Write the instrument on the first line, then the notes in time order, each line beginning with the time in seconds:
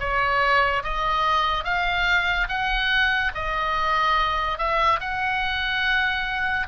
oboe
0.00 C#5
0.84 D#5
1.65 F5
2.49 F#5
3.35 D#5
4.58 E5
5.01 F#5